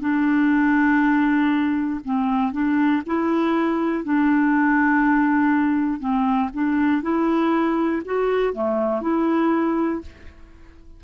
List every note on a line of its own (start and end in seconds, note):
0.00 2.00 D4
2.05 2.52 C4
2.52 3.02 D4
3.06 4.04 E4
4.04 6.00 D4
6.00 6.50 C4
6.53 7.02 D4
7.02 8.02 E4
8.05 8.53 F#4
8.53 9.01 A3
9.01 10.01 E4